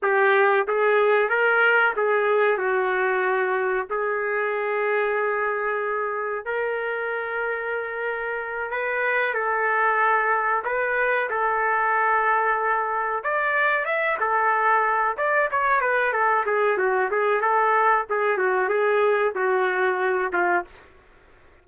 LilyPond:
\new Staff \with { instrumentName = "trumpet" } { \time 4/4 \tempo 4 = 93 g'4 gis'4 ais'4 gis'4 | fis'2 gis'2~ | gis'2 ais'2~ | ais'4. b'4 a'4.~ |
a'8 b'4 a'2~ a'8~ | a'8 d''4 e''8 a'4. d''8 | cis''8 b'8 a'8 gis'8 fis'8 gis'8 a'4 | gis'8 fis'8 gis'4 fis'4. f'8 | }